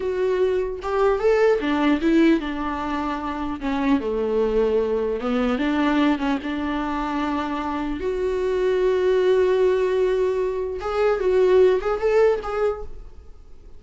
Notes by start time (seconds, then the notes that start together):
0.00 F#4
0.82 G4
1.19 A4
1.60 D4
2.01 E4
2.40 D4
3.60 C#4
4.00 A3
5.20 B3
5.58 D4
6.18 C#4
6.43 D4
7.99 F#4
10.81 G#4
11.20 F#4
11.80 G#4
12.00 A4
12.42 G#4